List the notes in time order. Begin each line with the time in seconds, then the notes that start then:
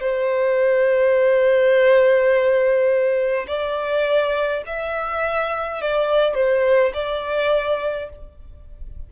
0.00 C5
3.47 D5
4.66 E5
5.82 D5
6.35 C5
6.94 D5